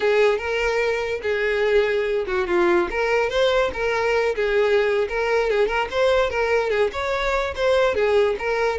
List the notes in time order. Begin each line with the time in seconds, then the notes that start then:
0.00 G#4
0.38 A#4
1.22 G#4
2.26 F#4
2.47 F4
2.90 A#4
3.29 C5
3.73 A#4
4.35 G#4
5.08 A#4
5.50 G#4
5.67 A#4
5.90 C5
6.30 A#4
6.70 G#4
6.92 C#5
7.55 C5
7.94 G#4
8.38 A#4